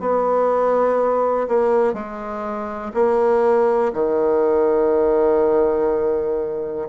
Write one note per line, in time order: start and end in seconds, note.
0.00 1.48 B3
1.48 1.94 A#3
1.94 2.92 G#3
2.94 3.93 A#3
3.93 6.88 D#3